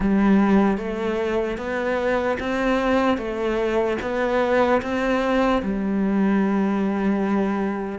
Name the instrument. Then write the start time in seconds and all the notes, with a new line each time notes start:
cello
0.00 G3
0.77 A3
1.57 B3
2.39 C4
3.17 A3
4.01 B3
4.82 C4
5.62 G3